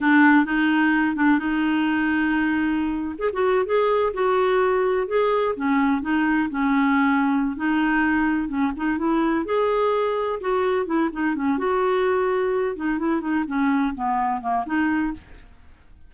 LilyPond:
\new Staff \with { instrumentName = "clarinet" } { \time 4/4 \tempo 4 = 127 d'4 dis'4. d'8 dis'4~ | dis'2~ dis'8. gis'16 fis'8. gis'16~ | gis'8. fis'2 gis'4 cis'16~ | cis'8. dis'4 cis'2~ cis'16 |
dis'2 cis'8 dis'8 e'4 | gis'2 fis'4 e'8 dis'8 | cis'8 fis'2~ fis'8 dis'8 e'8 | dis'8 cis'4 b4 ais8 dis'4 | }